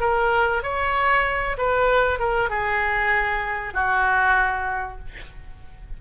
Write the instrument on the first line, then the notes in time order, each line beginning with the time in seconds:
oboe
0.00 A#4
0.63 C#5
1.57 B4
2.19 A#4
2.49 G#4
3.74 F#4